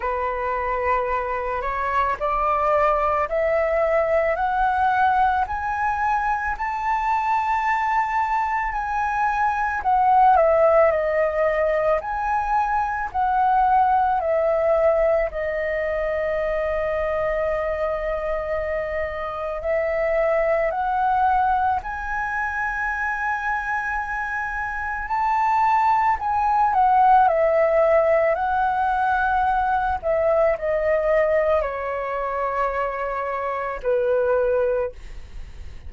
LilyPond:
\new Staff \with { instrumentName = "flute" } { \time 4/4 \tempo 4 = 55 b'4. cis''8 d''4 e''4 | fis''4 gis''4 a''2 | gis''4 fis''8 e''8 dis''4 gis''4 | fis''4 e''4 dis''2~ |
dis''2 e''4 fis''4 | gis''2. a''4 | gis''8 fis''8 e''4 fis''4. e''8 | dis''4 cis''2 b'4 | }